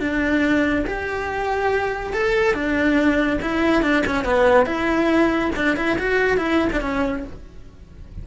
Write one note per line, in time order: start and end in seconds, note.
0.00 0.85 D4
0.87 2.14 G4
2.14 2.55 A4
2.55 3.40 D4
3.42 3.83 E4
3.83 4.04 D4
4.07 4.25 C#4
4.25 4.66 B3
4.66 5.51 E4
5.56 5.77 D4
5.77 5.98 E4
5.99 6.38 F#4
6.38 6.69 E4
6.73 6.82 D4
6.82 7.24 C#4